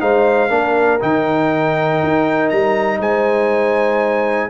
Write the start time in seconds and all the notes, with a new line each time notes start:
0.00 G#3 D#4 C5 F5
0.49 A#3 D4 A#4
1.00 D#3 D#4 G5
2.03 D#4
2.49 G3 A#5
3.00 G#3 C5 G#5